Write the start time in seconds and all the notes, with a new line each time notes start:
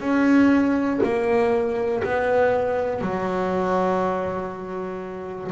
0.00 C#4
1.03 A#3
2.04 B3
3.01 F#3